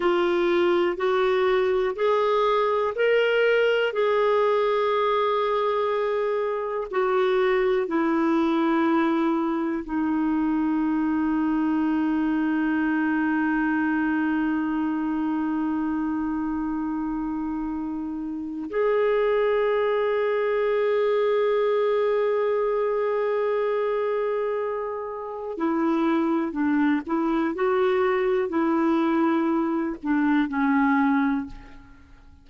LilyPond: \new Staff \with { instrumentName = "clarinet" } { \time 4/4 \tempo 4 = 61 f'4 fis'4 gis'4 ais'4 | gis'2. fis'4 | e'2 dis'2~ | dis'1~ |
dis'2. gis'4~ | gis'1~ | gis'2 e'4 d'8 e'8 | fis'4 e'4. d'8 cis'4 | }